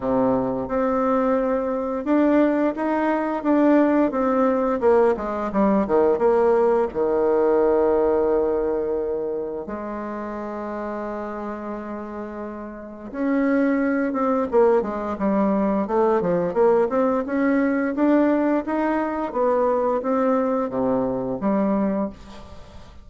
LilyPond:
\new Staff \with { instrumentName = "bassoon" } { \time 4/4 \tempo 4 = 87 c4 c'2 d'4 | dis'4 d'4 c'4 ais8 gis8 | g8 dis8 ais4 dis2~ | dis2 gis2~ |
gis2. cis'4~ | cis'8 c'8 ais8 gis8 g4 a8 f8 | ais8 c'8 cis'4 d'4 dis'4 | b4 c'4 c4 g4 | }